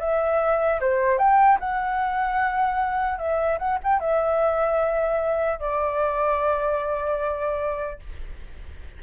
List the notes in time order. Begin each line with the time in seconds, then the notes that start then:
0.00 E5
0.81 C5
1.19 G5
1.60 F#5
3.18 E5
3.59 F#5
3.84 G5
4.00 E5
5.60 D5